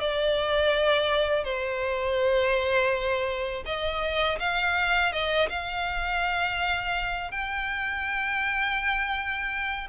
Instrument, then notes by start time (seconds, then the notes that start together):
violin
0.00 D5
1.44 C5
3.66 D#5
4.39 F5
5.12 D#5
5.49 F5
7.31 G5